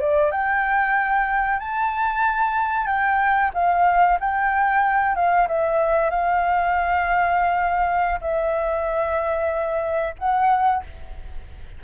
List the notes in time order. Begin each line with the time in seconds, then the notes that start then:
0.00 D5
0.31 G5
1.59 A5
2.86 G5
3.54 F5
4.19 G5
5.15 F5
5.47 E5
6.10 F5
8.21 E5
10.18 F#5